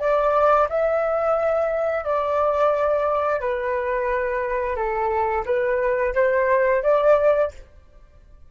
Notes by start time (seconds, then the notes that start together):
0.00 D5
0.69 E5
2.05 D5
3.41 B4
4.76 A4
5.46 B4
6.15 C5
6.83 D5